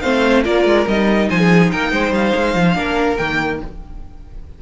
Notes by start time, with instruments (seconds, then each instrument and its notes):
0.00 cello A3, viola C4, violin C5 F5
0.43 cello A#3, viola F4, violin A#4 D5
0.65 cello G#3
0.87 cello G3, viola D#4, violin D#5
1.29 cello F3, violin C5 G#5
1.39 violin G#4
1.71 cello A#3, violin A#4 G5
1.91 cello G#3, violin C5
2.11 cello G3, violin F5
2.35 cello G#3
2.55 cello F3
2.74 cello A#3, viola D4, violin A#4
3.16 cello D#3, viola A#3, violin G5